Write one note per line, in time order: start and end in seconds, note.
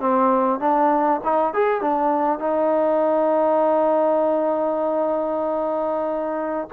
0.00 0.60 C4
0.60 1.21 D4
1.23 1.53 D#4
1.53 1.81 G#4
1.81 2.39 D4
2.39 6.68 D#4